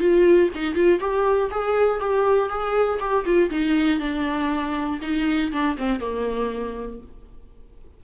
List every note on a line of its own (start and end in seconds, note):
0.00 0.50 F4
0.55 0.75 D#4
0.75 1.00 F4
1.01 1.51 G4
1.51 2.01 G#4
2.01 2.50 G4
2.50 3.00 G#4
3.00 3.25 G4
3.26 3.51 F4
3.51 4.00 D#4
4.00 5.00 D4
5.02 5.52 D#4
5.52 5.77 D4
5.78 6.00 C4
6.00 7.00 A#3